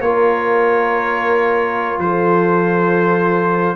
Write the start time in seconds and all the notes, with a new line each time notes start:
0.00 A#3 F4 A#4 C#5
1.99 F3 A4 C5